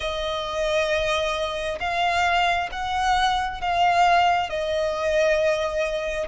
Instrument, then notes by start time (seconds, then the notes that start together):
violin
0.00 D#5
1.80 F5
2.71 F#5
3.61 F5
4.49 D#5